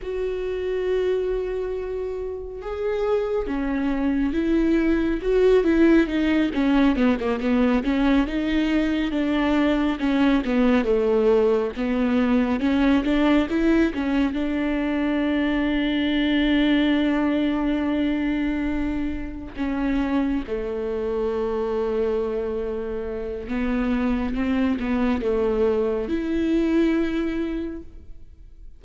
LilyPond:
\new Staff \with { instrumentName = "viola" } { \time 4/4 \tempo 4 = 69 fis'2. gis'4 | cis'4 e'4 fis'8 e'8 dis'8 cis'8 | b16 ais16 b8 cis'8 dis'4 d'4 cis'8 | b8 a4 b4 cis'8 d'8 e'8 |
cis'8 d'2.~ d'8~ | d'2~ d'8 cis'4 a8~ | a2. b4 | c'8 b8 a4 e'2 | }